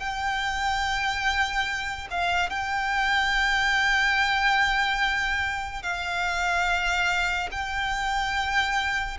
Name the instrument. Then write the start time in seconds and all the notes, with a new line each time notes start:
violin
0.00 G5
2.11 F5
2.50 G5
5.83 F5
7.52 G5